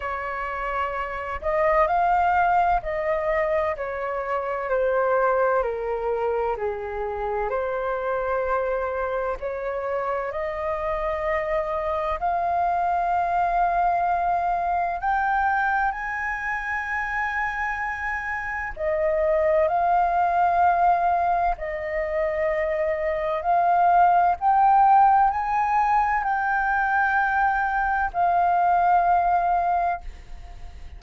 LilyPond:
\new Staff \with { instrumentName = "flute" } { \time 4/4 \tempo 4 = 64 cis''4. dis''8 f''4 dis''4 | cis''4 c''4 ais'4 gis'4 | c''2 cis''4 dis''4~ | dis''4 f''2. |
g''4 gis''2. | dis''4 f''2 dis''4~ | dis''4 f''4 g''4 gis''4 | g''2 f''2 | }